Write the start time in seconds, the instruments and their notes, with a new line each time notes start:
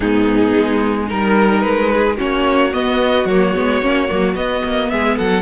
0.00 cello G#2, viola B3, violin D#4 G#4
0.57 cello G#3
1.07 cello G3, viola D#4, violin A#4
1.61 cello G#3, violin B4
1.92 violin G#4
2.17 cello A#3, viola C#4, violin F#4 C#5
2.72 viola B3, cello B3, violin D#5
3.24 cello F#3, viola A#3, violin C#5
3.55 cello G#3, viola B3
3.81 cello A#3, viola C#4
4.08 cello F#3, viola A#3
4.34 cello B3, viola B3, violin D#5
4.64 cello A#3
4.90 cello G#3, violin G#4 E5
5.17 cello F#3, violin A4 F#5